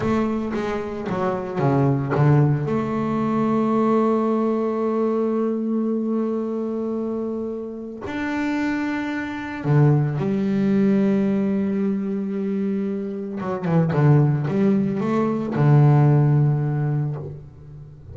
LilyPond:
\new Staff \with { instrumentName = "double bass" } { \time 4/4 \tempo 4 = 112 a4 gis4 fis4 cis4 | d4 a2.~ | a1~ | a2. d'4~ |
d'2 d4 g4~ | g1~ | g4 fis8 e8 d4 g4 | a4 d2. | }